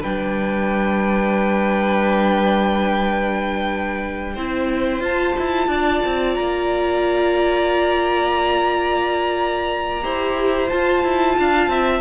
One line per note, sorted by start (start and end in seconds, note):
0.00 4.36 G3
0.00 4.36 D4
0.00 4.33 B4
0.00 5.02 G5
4.34 5.00 C4
4.34 5.01 E4
4.34 5.67 C5
5.00 5.33 F4
5.00 10.01 F4
5.00 6.34 A5
5.38 5.67 E4
5.67 6.00 D4
5.67 10.03 D5
6.05 6.38 C4
6.34 10.03 A#3
6.34 10.68 A#5
10.01 10.70 E4
10.01 10.68 G4
10.01 11.36 C5
10.69 12.01 F4
10.69 11.03 F4
10.69 12.01 A5
11.03 11.37 E4
11.38 11.67 D4
11.38 11.70 F5
11.67 12.00 C4
11.67 12.01 E5